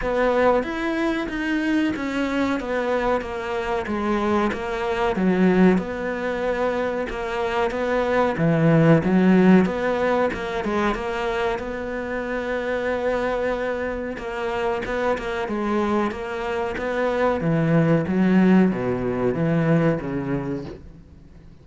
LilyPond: \new Staff \with { instrumentName = "cello" } { \time 4/4 \tempo 4 = 93 b4 e'4 dis'4 cis'4 | b4 ais4 gis4 ais4 | fis4 b2 ais4 | b4 e4 fis4 b4 |
ais8 gis8 ais4 b2~ | b2 ais4 b8 ais8 | gis4 ais4 b4 e4 | fis4 b,4 e4 cis4 | }